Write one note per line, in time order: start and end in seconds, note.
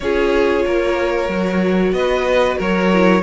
0.00 0.65 C#4
0.00 1.28 F4
0.00 0.65 G#4
0.00 1.93 C#5
0.65 1.28 A#3
0.65 1.94 A#4
1.28 1.92 F#3
1.28 2.89 F#4
1.92 2.56 B3
1.92 2.58 B4
1.92 2.58 D#5
2.58 3.22 F#3
2.58 3.22 A#4
2.58 3.22 C#5
2.93 3.22 E4